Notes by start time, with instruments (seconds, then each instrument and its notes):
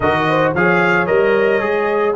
0.00 tuba D#3, trombone F#4, horn A#4, trumpet D#5
0.28 horn C5
0.54 tuba F3, trombone G#4, horn C#5, trumpet F5
1.06 tuba G3, trombone A#4, trumpet D#5
1.60 tuba G#3, trombone G#4